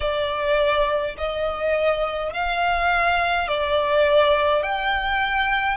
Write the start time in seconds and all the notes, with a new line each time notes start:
0.00 D5
1.17 D#5
2.33 F5
3.48 D5
4.63 G5